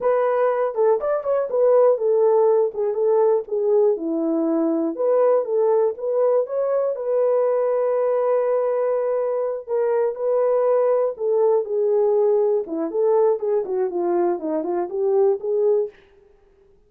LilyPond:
\new Staff \with { instrumentName = "horn" } { \time 4/4 \tempo 4 = 121 b'4. a'8 d''8 cis''8 b'4 | a'4. gis'8 a'4 gis'4 | e'2 b'4 a'4 | b'4 cis''4 b'2~ |
b'2.~ b'8 ais'8~ | ais'8 b'2 a'4 gis'8~ | gis'4. e'8 a'4 gis'8 fis'8 | f'4 dis'8 f'8 g'4 gis'4 | }